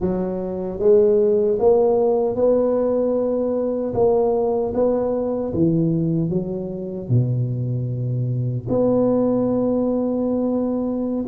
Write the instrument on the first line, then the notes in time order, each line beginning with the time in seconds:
tuba
0.00 F#3
0.79 G#3
1.59 A#3
2.35 B3
3.94 A#3
4.74 B3
5.53 E3
6.29 F#3
7.08 B2
8.68 B3